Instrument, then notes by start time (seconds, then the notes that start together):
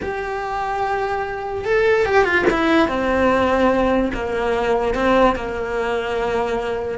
cello
0.01 G4
1.65 A4
2.05 G4
2.24 F4
2.50 E4
2.88 C4
4.13 A#3
4.94 C4
5.35 A#3